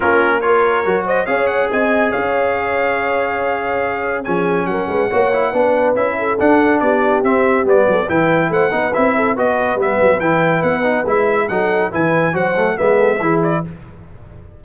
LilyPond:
<<
  \new Staff \with { instrumentName = "trumpet" } { \time 4/4 \tempo 4 = 141 ais'4 cis''4. dis''8 f''8 fis''8 | gis''4 f''2.~ | f''2 gis''4 fis''4~ | fis''2 e''4 fis''4 |
d''4 e''4 d''4 g''4 | fis''4 e''4 dis''4 e''4 | g''4 fis''4 e''4 fis''4 | gis''4 fis''4 e''4. d''8 | }
  \new Staff \with { instrumentName = "horn" } { \time 4/4 f'4 ais'4. c''8 cis''4 | dis''4 cis''2.~ | cis''2 gis'4 ais'8 b'8 | cis''4 b'4. a'4. |
g'2~ g'8 a'8 b'4 | c''8 b'4 a'8 b'2~ | b'2. a'4 | b'4 c''4 b'8 a'8 gis'4 | }
  \new Staff \with { instrumentName = "trombone" } { \time 4/4 cis'4 f'4 fis'4 gis'4~ | gis'1~ | gis'2 cis'2 | fis'8 e'8 d'4 e'4 d'4~ |
d'4 c'4 b4 e'4~ | e'8 dis'8 e'4 fis'4 b4 | e'4. dis'8 e'4 dis'4 | e'4 fis'8 a8 b4 e'4 | }
  \new Staff \with { instrumentName = "tuba" } { \time 4/4 ais2 fis4 cis'4 | c'4 cis'2.~ | cis'2 f4 fis8 gis8 | ais4 b4 cis'4 d'4 |
b4 c'4 g8 fis8 e4 | a8 b8 c'4 b4 g8 fis8 | e4 b4 gis4 fis4 | e4 fis4 gis4 e4 | }
>>